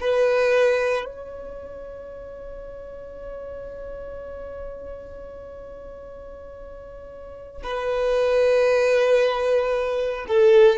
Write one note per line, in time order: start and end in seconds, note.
0.00 1.05 B4
1.05 7.63 C#5
7.63 10.26 B4
10.28 10.78 A4